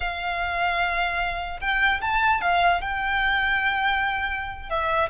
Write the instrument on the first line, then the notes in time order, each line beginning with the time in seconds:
violin
0.00 F5
1.61 G5
2.01 A5
2.41 F5
2.81 G5
4.69 E5